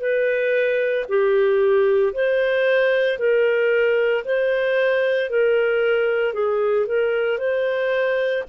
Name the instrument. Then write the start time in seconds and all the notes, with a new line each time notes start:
clarinet
0.00 B4
1.09 G4
2.13 C5
3.19 A#4
4.24 C5
5.30 A#4
6.33 G#4
6.86 A#4
7.38 C5